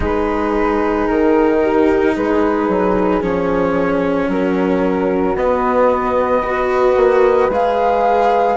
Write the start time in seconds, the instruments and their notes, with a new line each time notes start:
0.00 bassoon G#3, cello D#4, horn G#4, flute B4
1.07 bassoon D#3, flute A#4
1.62 horn G4
2.15 bassoon G#3, horn G#4, flute B4
2.68 bassoon F#3
3.21 bassoon F3, cello C#4, flute C#5
4.28 bassoon F#3, horn F#4, flute A#4
5.34 bassoon B3, cello B3, flute D#5
6.42 cello F#4, horn B4
6.96 bassoon A#3
7.49 bassoon G#3, cello G#4, flute F5